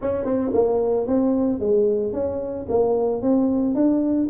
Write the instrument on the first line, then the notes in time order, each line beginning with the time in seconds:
tuba
0.01 C#4
0.25 C4
0.53 A#3
1.06 C4
1.59 G#3
2.12 C#4
2.68 A#3
3.21 C4
3.74 D4